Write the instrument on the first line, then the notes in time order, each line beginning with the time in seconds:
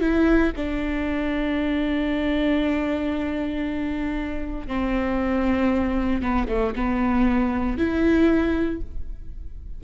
viola
0.00 E4
0.56 D4
4.67 C4
6.22 B3
6.48 A3
6.75 B3
7.78 E4